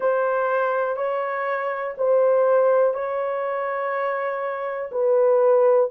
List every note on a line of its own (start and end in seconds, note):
0.00 0.96 C5
0.96 1.94 C#5
1.97 2.93 C5
2.93 4.90 C#5
4.91 5.90 B4